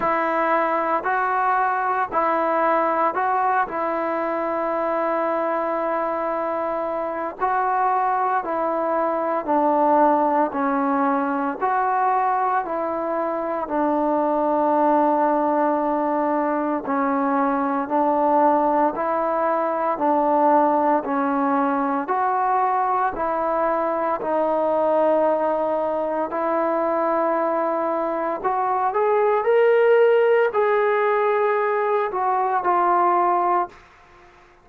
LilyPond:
\new Staff \with { instrumentName = "trombone" } { \time 4/4 \tempo 4 = 57 e'4 fis'4 e'4 fis'8 e'8~ | e'2. fis'4 | e'4 d'4 cis'4 fis'4 | e'4 d'2. |
cis'4 d'4 e'4 d'4 | cis'4 fis'4 e'4 dis'4~ | dis'4 e'2 fis'8 gis'8 | ais'4 gis'4. fis'8 f'4 | }